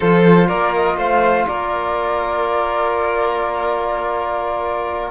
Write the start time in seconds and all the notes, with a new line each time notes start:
0.00 F3 F4 A4 C5
0.47 A#3 A#4 D5
0.74 D#5
0.97 A3 C5 F5
1.47 A#3 A#4 D5